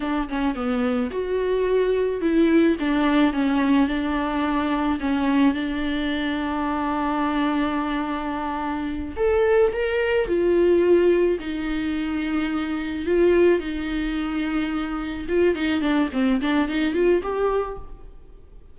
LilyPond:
\new Staff \with { instrumentName = "viola" } { \time 4/4 \tempo 4 = 108 d'8 cis'8 b4 fis'2 | e'4 d'4 cis'4 d'4~ | d'4 cis'4 d'2~ | d'1~ |
d'8 a'4 ais'4 f'4.~ | f'8 dis'2. f'8~ | f'8 dis'2. f'8 | dis'8 d'8 c'8 d'8 dis'8 f'8 g'4 | }